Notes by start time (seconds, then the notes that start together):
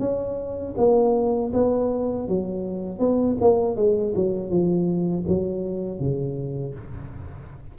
0.00 C#4
0.77 A#3
1.54 B3
2.28 F#3
3.00 B3
3.41 A#3
3.76 G#3
4.16 F#3
4.50 F3
5.28 F#3
6.00 C#3